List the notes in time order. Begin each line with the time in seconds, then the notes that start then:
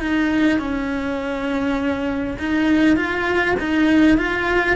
0.00 D#4
0.59 C#4
2.39 D#4
2.96 F4
3.59 D#4
4.17 F4